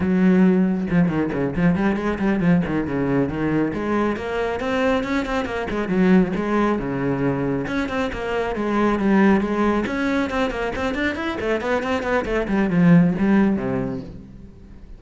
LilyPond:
\new Staff \with { instrumentName = "cello" } { \time 4/4 \tempo 4 = 137 fis2 f8 dis8 cis8 f8 | g8 gis8 g8 f8 dis8 cis4 dis8~ | dis8 gis4 ais4 c'4 cis'8 | c'8 ais8 gis8 fis4 gis4 cis8~ |
cis4. cis'8 c'8 ais4 gis8~ | gis8 g4 gis4 cis'4 c'8 | ais8 c'8 d'8 e'8 a8 b8 c'8 b8 | a8 g8 f4 g4 c4 | }